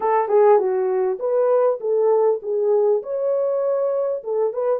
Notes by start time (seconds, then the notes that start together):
0.00 A4
0.28 G#4
0.58 F#4
1.19 B4
1.80 A4
2.42 G#4
3.02 C#5
4.23 A4
4.53 B4